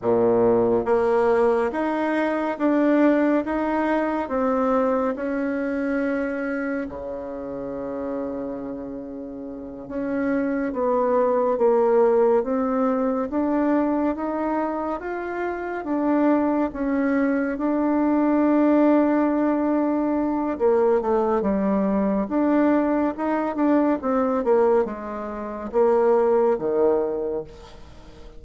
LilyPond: \new Staff \with { instrumentName = "bassoon" } { \time 4/4 \tempo 4 = 70 ais,4 ais4 dis'4 d'4 | dis'4 c'4 cis'2 | cis2.~ cis8 cis'8~ | cis'8 b4 ais4 c'4 d'8~ |
d'8 dis'4 f'4 d'4 cis'8~ | cis'8 d'2.~ d'8 | ais8 a8 g4 d'4 dis'8 d'8 | c'8 ais8 gis4 ais4 dis4 | }